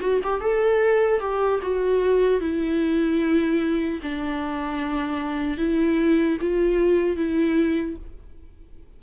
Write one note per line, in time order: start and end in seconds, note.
0.00 0.20 F#4
0.23 0.40 G4
0.40 1.20 A4
1.20 1.60 G4
1.62 2.40 F#4
2.40 4.00 E4
4.02 5.57 D4
5.57 6.37 E4
6.40 7.16 F4
7.16 7.96 E4